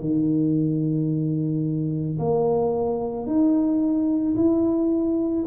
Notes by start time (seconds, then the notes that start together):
0.00 D#3
2.18 A#3
3.26 D#4
4.36 E4